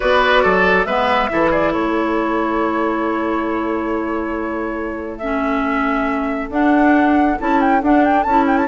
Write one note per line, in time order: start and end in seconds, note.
0.00 0.44 B3
0.00 0.85 F#4
0.00 0.43 B4
0.00 0.84 D5
0.43 0.85 F#3
0.43 0.86 A4
0.84 1.28 G#3
0.84 1.29 B3
0.84 1.29 B4
0.84 1.50 E5
1.29 1.74 E3
1.29 5.20 E4
1.29 1.50 A4
1.50 1.72 G#4
1.50 1.72 D5
1.72 6.49 A3
1.72 8.67 A4
1.72 5.18 C#5
5.18 6.50 C#4
5.18 6.48 E5
6.49 7.36 D4
6.49 7.37 D4
6.49 7.39 F#5
7.38 7.82 C#4
7.38 7.82 E4
7.38 7.60 A5
7.60 7.82 G5
7.82 8.25 D4
7.82 8.26 D4
7.82 8.04 F#5
8.04 8.22 G5
8.22 8.68 C#4
8.22 8.44 A5
8.28 8.68 E4
8.46 8.57 G5
8.57 8.68 A5